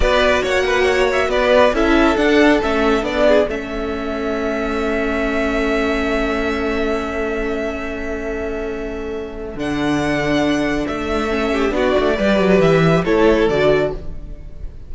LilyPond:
<<
  \new Staff \with { instrumentName = "violin" } { \time 4/4 \tempo 4 = 138 d''4 fis''4. e''8 d''4 | e''4 fis''4 e''4 d''4 | e''1~ | e''1~ |
e''1~ | e''2 fis''2~ | fis''4 e''2 d''4~ | d''4 e''4 cis''4 d''4 | }
  \new Staff \with { instrumentName = "violin" } { \time 4/4 b'4 cis''8 b'8 cis''4 b'4 | a'2.~ a'8 gis'8 | a'1~ | a'1~ |
a'1~ | a'1~ | a'2~ a'8 g'8 fis'4 | b'2 a'2 | }
  \new Staff \with { instrumentName = "viola" } { \time 4/4 fis'1 | e'4 d'4 cis'4 d'4 | cis'1~ | cis'1~ |
cis'1~ | cis'2 d'2~ | d'2 cis'4 d'4 | g'2 e'4 fis'4 | }
  \new Staff \with { instrumentName = "cello" } { \time 4/4 b4 ais2 b4 | cis'4 d'4 a4 b4 | a1~ | a1~ |
a1~ | a2 d2~ | d4 a2 b8 a8 | g8 fis8 e4 a4 d4 | }
>>